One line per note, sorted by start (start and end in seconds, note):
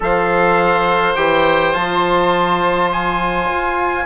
0.00 1.15 F3
0.00 1.16 A4
0.00 4.05 C5
0.00 1.15 F5
1.15 1.74 E3
1.15 1.73 G4
1.15 1.74 G5
1.73 3.50 F3
1.73 4.05 F4
1.73 2.90 A5
2.92 4.05 G#5
3.50 4.05 F4